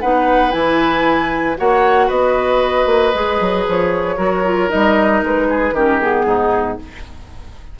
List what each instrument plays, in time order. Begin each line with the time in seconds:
0.00 bassoon B3, clarinet D#4, oboe B4, flute F#5
0.51 bassoon E3, clarinet E4, flute G#5
1.57 bassoon A#3, clarinet F#4, oboe C#5, flute F#5
2.07 bassoon B3, oboe B4, flute D#5
2.86 bassoon A#3
3.14 bassoon G#3, clarinet G#4
3.40 bassoon F#3
3.67 bassoon F3, flute C#5
4.17 bassoon F#3, clarinet F#4, oboe A#4
4.45 clarinet F4
4.68 bassoon G3, clarinet D#4, flute D#5
5.22 bassoon G#3, flute B4
5.49 oboe G#4
5.72 bassoon D#3, clarinet C#4, oboe G4
5.78 flute A#4
6.01 clarinet B3, flute G#4
6.26 bassoon G#2, oboe D#4